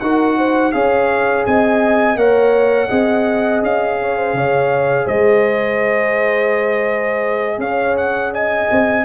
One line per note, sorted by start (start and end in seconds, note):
0.00 0.73 D#4
0.00 0.73 F#4
0.00 0.37 A#4
0.00 0.72 F#5
0.37 0.73 C5
0.72 1.46 C#4
0.72 2.17 G#4
0.72 1.47 C#5
0.72 1.44 F5
1.46 2.16 C4
1.46 2.19 D#5
1.46 2.17 G#5
2.16 2.88 A#3
2.16 2.88 A#4
2.16 2.88 C#5
2.16 3.62 F#5
2.88 3.62 C4
2.88 9.03 G#4
2.88 3.97 D#5
3.62 4.33 C#4
3.62 5.07 F5
4.01 4.17 C#5
4.17 4.35 C5
4.33 5.05 C#3
4.33 5.05 C#5
5.05 7.58 G#3
5.05 7.58 C5
5.05 7.60 D#5
7.58 8.67 C#4
7.58 8.33 C#5
7.58 7.97 F5
7.97 8.33 F#5
8.33 9.04 D#5
8.33 9.04 G#5
8.71 9.04 C4